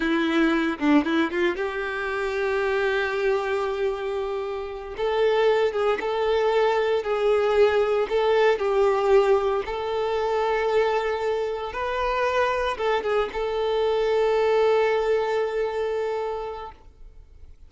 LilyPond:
\new Staff \with { instrumentName = "violin" } { \time 4/4 \tempo 4 = 115 e'4. d'8 e'8 f'8 g'4~ | g'1~ | g'4. a'4. gis'8 a'8~ | a'4. gis'2 a'8~ |
a'8 g'2 a'4.~ | a'2~ a'8 b'4.~ | b'8 a'8 gis'8 a'2~ a'8~ | a'1 | }